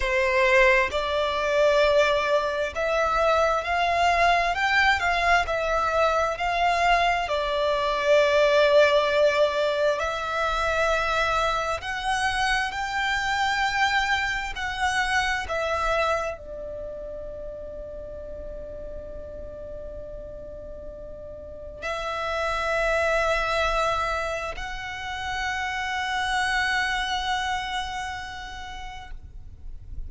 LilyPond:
\new Staff \with { instrumentName = "violin" } { \time 4/4 \tempo 4 = 66 c''4 d''2 e''4 | f''4 g''8 f''8 e''4 f''4 | d''2. e''4~ | e''4 fis''4 g''2 |
fis''4 e''4 d''2~ | d''1 | e''2. fis''4~ | fis''1 | }